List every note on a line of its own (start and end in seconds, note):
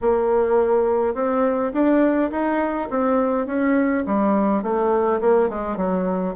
0.01 1.14 A#3
1.14 1.72 C4
1.73 2.31 D4
2.31 2.88 D#4
2.90 3.46 C4
3.46 4.04 C#4
4.05 4.63 G3
4.63 5.20 A3
5.21 5.49 A#3
5.49 5.76 G#3
5.76 6.34 F#3